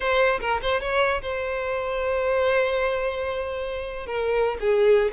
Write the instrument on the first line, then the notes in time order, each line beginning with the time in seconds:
violin
0.00 C5
0.40 A#4
0.62 C5
0.81 C#5
1.22 C5
4.06 A#4
4.60 G#4